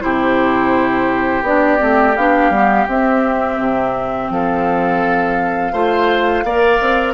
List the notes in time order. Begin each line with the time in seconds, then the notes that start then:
0.00 C3 E4 G4 C5
1.42 B3 D4 D5
1.78 A3 C4
2.16 B3 D4 F5
2.50 G3 B3
2.88 C4 E5
3.59 C3
4.30 F3 A4 F5
5.73 A3 F4 C5
6.44 A#3 A#4 D5
6.81 C4